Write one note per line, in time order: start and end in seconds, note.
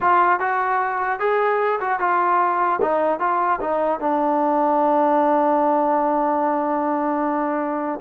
0.00 0.39 F4
0.39 1.19 F#4
1.19 1.79 G#4
1.80 1.99 F#4
1.99 2.79 F4
2.81 3.19 D#4
3.19 3.59 F4
3.60 3.99 D#4
3.99 7.99 D4